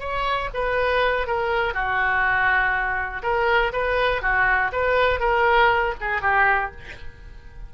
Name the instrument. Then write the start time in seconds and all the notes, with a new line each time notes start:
oboe
0.00 C#5
0.54 B4
1.27 A#4
1.74 F#4
3.23 A#4
3.73 B4
4.22 F#4
4.72 B4
5.20 A#4
6.01 G#4
6.21 G4